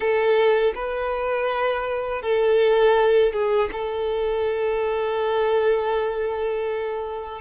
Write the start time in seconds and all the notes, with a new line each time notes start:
0.00 A4
0.74 B4
2.22 A4
3.32 G#4
3.72 A4